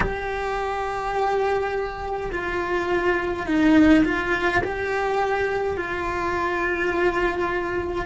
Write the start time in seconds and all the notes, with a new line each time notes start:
0.00 G4
2.31 F4
3.46 D#4
4.04 F4
4.63 G4
5.77 F4